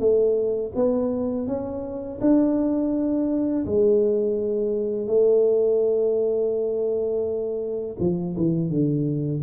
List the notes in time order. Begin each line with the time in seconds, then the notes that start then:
0.00 A3
0.76 B3
1.48 C#4
2.21 D4
3.66 G#3
5.08 A3
8.00 F3
8.37 E3
8.70 D3